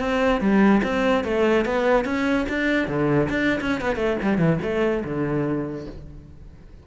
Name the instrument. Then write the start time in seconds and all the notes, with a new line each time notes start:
cello
0.00 C4
0.41 G3
0.84 C4
1.24 A3
1.65 B3
2.05 C#4
2.49 D4
2.88 D3
3.29 D4
3.61 C#4
3.81 B3
3.96 A3
4.23 G3
4.38 E3
4.63 A3
5.05 D3